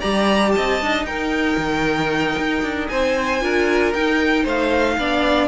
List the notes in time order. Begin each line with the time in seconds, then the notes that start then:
0.00 G3 G4 D5 A#5
0.51 C4 D#5 A5
0.81 D4 D#4
1.03 D#4 A#4 G5
1.57 D#3
2.38 D#4
2.62 D4
2.88 C4 C5 G#5
3.41 D4 F4 A#4
3.93 D#4 G5
4.43 A3 C5 F5
4.97 B3 D4 D5